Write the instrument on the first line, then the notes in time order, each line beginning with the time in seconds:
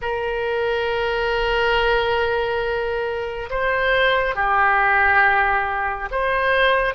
oboe
0.01 A#4
3.50 C5
4.35 G4
6.11 C5